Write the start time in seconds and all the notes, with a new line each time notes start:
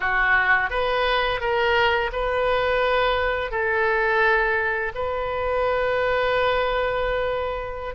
0.00 F#4
0.70 B4
1.40 A#4
2.12 B4
3.51 A4
4.94 B4